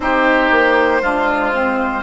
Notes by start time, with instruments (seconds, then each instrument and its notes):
0.00 bassoon C4, saxophone D#4, oboe G4, violin C5
0.50 bassoon A#3
1.02 bassoon G#3, saxophone D4, oboe F4
1.53 saxophone C4